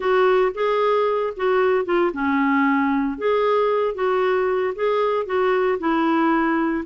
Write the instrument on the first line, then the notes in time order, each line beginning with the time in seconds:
clarinet
0.00 F#4
0.54 G#4
1.36 F#4
1.85 F4
2.13 C#4
3.18 G#4
3.94 F#4
4.75 G#4
5.26 F#4
5.79 E4